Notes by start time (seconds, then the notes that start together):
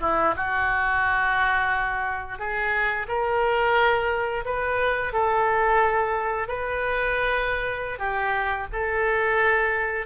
0.00 E4
0.36 F#4
2.38 G#4
3.08 A#4
4.45 B4
5.12 A4
6.48 B4
7.98 G4
8.72 A4